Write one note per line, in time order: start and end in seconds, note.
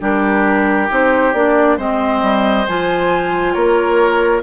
0.00 0.89 G3
0.00 0.88 D4
0.00 1.76 G4
0.00 0.90 A#4
0.88 1.33 C4
0.88 1.33 D#4
0.88 1.33 C5
1.33 1.77 A#3
1.33 1.78 D4
1.33 1.77 D5
1.76 2.22 G#3
1.76 2.66 C4
1.76 3.53 C5
1.76 2.67 D#5
2.22 2.66 G3
2.67 3.55 F3
2.67 4.43 F4
2.67 3.53 G#5
3.53 4.43 A#3
3.53 4.42 A#4
3.53 4.41 C#5